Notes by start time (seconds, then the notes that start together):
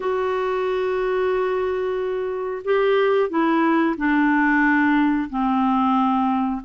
0.00 F#4
2.64 G4
3.29 E4
3.97 D4
5.29 C4